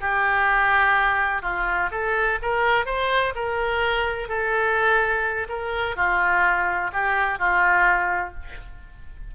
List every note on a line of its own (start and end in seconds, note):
0.00 1.42 G4
1.42 1.89 F4
1.91 2.38 A4
2.42 2.85 A#4
2.85 3.33 C5
3.35 4.28 A#4
4.28 5.47 A4
5.48 5.96 A#4
5.96 6.91 F4
6.92 7.39 G4
7.39 8.34 F4